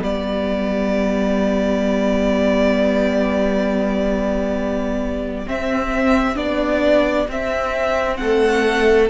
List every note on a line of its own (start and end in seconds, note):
0.00 5.48 G3
0.00 5.45 B3
0.00 8.20 G4
0.00 5.49 D5
5.47 6.36 C4
5.47 6.37 C4
5.47 6.37 E5
6.36 7.27 B3
6.36 7.27 D4
6.36 7.28 D5
7.29 8.20 C4
7.29 9.10 C4
7.29 8.17 E5
8.17 9.10 A3
8.17 9.10 A4
8.17 9.08 F#5